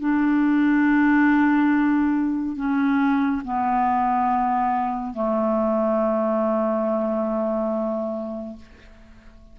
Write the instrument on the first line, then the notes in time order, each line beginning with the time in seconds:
clarinet
0.00 D4
2.56 C#4
3.44 B3
5.14 A3